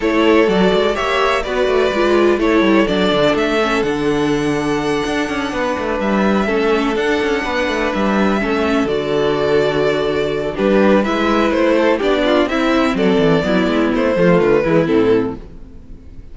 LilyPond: <<
  \new Staff \with { instrumentName = "violin" } { \time 4/4 \tempo 4 = 125 cis''4 d''4 e''4 d''4~ | d''4 cis''4 d''4 e''4 | fis''1~ | fis''8 e''2 fis''4.~ |
fis''8 e''2 d''4.~ | d''2 b'4 e''4 | c''4 d''4 e''4 d''4~ | d''4 c''4 b'4 a'4 | }
  \new Staff \with { instrumentName = "violin" } { \time 4/4 a'2 cis''4 b'4~ | b'4 a'2.~ | a'2.~ a'8 b'8~ | b'4. a'2 b'8~ |
b'4. a'2~ a'8~ | a'2 g'4 b'4~ | b'8 a'8 g'8 f'8 e'4 a'4 | e'4. f'4 e'4. | }
  \new Staff \with { instrumentName = "viola" } { \time 4/4 e'4 fis'4 g'4 fis'4 | f'4 e'4 d'4. cis'8 | d'1~ | d'4. cis'4 d'4.~ |
d'4. cis'4 fis'4.~ | fis'2 d'4 e'4~ | e'4 d'4 c'2 | b4. a4 gis8 c'4 | }
  \new Staff \with { instrumentName = "cello" } { \time 4/4 a4 fis8 gis8 ais4 b8 a8 | gis4 a8 g8 fis8 d8 a4 | d2~ d8 d'8 cis'8 b8 | a8 g4 a4 d'8 cis'8 b8 |
a8 g4 a4 d4.~ | d2 g4 gis4 | a4 b4 c'4 fis8 e8 | fis8 gis8 a8 f8 d8 e8 a,4 | }
>>